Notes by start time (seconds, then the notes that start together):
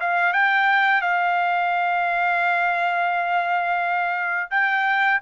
0.00 F5
0.33 G5
1.01 F5
4.50 G5